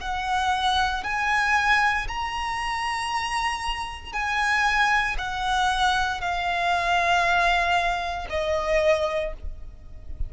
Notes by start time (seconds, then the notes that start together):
0.00 F#5
1.03 G#5
2.08 A#5
4.13 G#5
5.18 F#5
6.21 F5
8.29 D#5